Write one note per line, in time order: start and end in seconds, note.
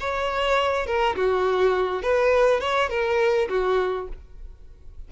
0.00 0.86 C#5
0.86 1.16 A#4
1.16 2.02 F#4
2.02 2.60 B4
2.60 2.90 C#5
2.90 3.48 A#4
3.49 4.08 F#4